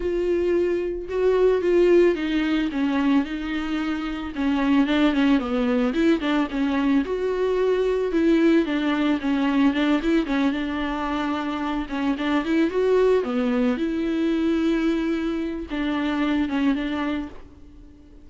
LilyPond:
\new Staff \with { instrumentName = "viola" } { \time 4/4 \tempo 4 = 111 f'2 fis'4 f'4 | dis'4 cis'4 dis'2 | cis'4 d'8 cis'8 b4 e'8 d'8 | cis'4 fis'2 e'4 |
d'4 cis'4 d'8 e'8 cis'8 d'8~ | d'2 cis'8 d'8 e'8 fis'8~ | fis'8 b4 e'2~ e'8~ | e'4 d'4. cis'8 d'4 | }